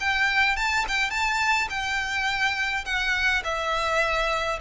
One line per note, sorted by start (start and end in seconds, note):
0.00 0.56 G5
0.56 0.85 A5
0.88 1.10 G5
1.10 1.68 A5
1.69 2.85 G5
2.85 3.43 F#5
3.44 4.59 E5